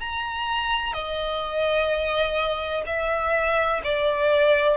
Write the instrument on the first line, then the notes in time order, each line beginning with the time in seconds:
violin
0.00 A#5
0.93 D#5
2.86 E5
3.84 D5